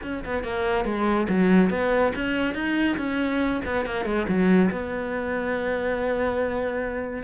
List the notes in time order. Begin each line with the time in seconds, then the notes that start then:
0.03 C#4
0.24 B3
0.43 A#3
0.84 G#3
1.29 F#3
1.70 B3
2.15 C#4
2.54 D#4
2.97 C#4
3.65 B3
3.85 A#3
4.05 G#3
4.28 F#3
4.71 B3